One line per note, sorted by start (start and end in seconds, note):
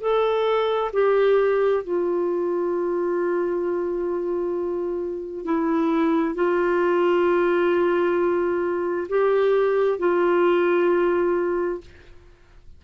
0.00 0.91 A4
0.93 1.83 G4
1.84 5.45 F4
5.45 6.35 E4
6.35 9.07 F4
9.09 9.99 G4
9.99 11.81 F4